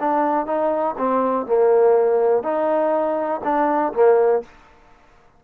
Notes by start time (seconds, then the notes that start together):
0.00 D4
0.46 D#4
0.98 C4
1.46 A#3
2.43 D#4
3.44 D4
3.94 A#3